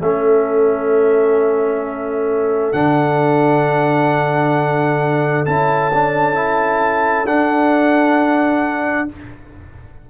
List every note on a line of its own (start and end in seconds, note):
0.00 2.73 A3
0.00 2.73 C#4
0.00 9.09 A4
0.00 2.72 E5
2.72 5.46 D3
2.72 5.46 D4
2.72 5.45 F#5
5.45 7.26 C#4
5.45 5.92 E4
5.45 7.27 A5
5.94 6.34 D4
6.34 7.25 E4
7.26 9.07 D4
7.26 9.08 D4
7.26 9.08 F#5